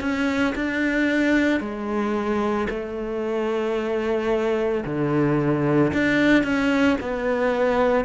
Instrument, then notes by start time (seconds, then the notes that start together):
cello
0.00 C#4
0.55 D4
1.60 G#3
2.70 A3
4.85 D3
5.94 D4
6.44 C#4
7.01 B3